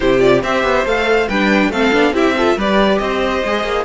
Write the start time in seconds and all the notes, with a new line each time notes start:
0.00 C3 E4 G4 C5
0.19 F4 D5
0.42 C4 G4 C5 E5
0.63 B3
0.85 A3 A4 F5
1.28 G3 D4 B4 G5
1.68 A3 C4 A4 F5
1.92 B3 D4
2.12 C4 E4 G4 E5
2.36 F4 A4
2.56 G3 G4 B4 D5
2.98 C4 C5 D#5
3.44 G#3 G#4
3.63 A#3